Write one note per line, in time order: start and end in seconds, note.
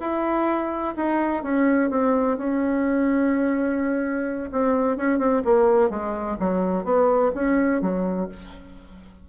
0.00 0.94 E4
0.96 1.43 D#4
1.43 1.90 C#4
1.90 2.38 C4
2.38 4.50 C#4
4.52 4.97 C4
4.97 5.19 C#4
5.19 5.42 C4
5.44 5.90 A#3
5.90 6.37 G#3
6.40 6.84 F#3
6.84 7.31 B3
7.35 7.81 C#4
7.81 8.28 F#3